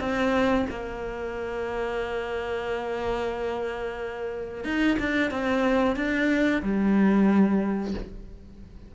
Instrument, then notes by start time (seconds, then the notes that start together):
cello
0.00 C4
0.70 A#3
4.64 D#4
4.99 D4
5.31 C4
5.96 D4
6.62 G3